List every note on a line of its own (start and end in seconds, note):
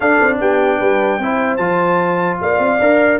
0.00 0.19 D4
0.00 1.21 D4
0.00 0.38 A4
0.00 0.37 F5
0.20 0.40 C4
0.39 0.80 B3
0.39 0.78 G4
0.39 1.56 G5
0.78 1.18 G3
0.78 1.18 B4
1.18 1.58 C4
1.18 1.59 E4
1.18 2.41 C5
1.56 2.38 F3
1.56 2.79 F4
1.56 2.36 A5
2.41 2.58 A#3
2.41 3.19 D5
2.41 3.19 F5
2.58 2.78 C4
2.79 3.19 D4
2.79 3.19 A#4